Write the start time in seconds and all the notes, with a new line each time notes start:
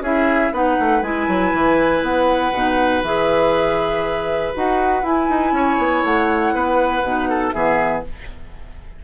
0.00 C#4 E4 G#4 E5
0.52 B3 D#4 B4 F#5
0.79 A3
1.02 G#3 E4 G#5
1.28 F#3
1.53 E3
2.01 B3 F#5
2.52 B2 D#4
3.02 E3 G#4 E5
4.54 D#4 F#4 F#5
5.02 E4 G#5
5.29 D#4
5.52 C#4 C#5
5.78 B3
6.03 A3 F#5
6.53 B3 B4
7.02 B2 D#4
7.29 A4
7.51 E3 B3 G#4 E5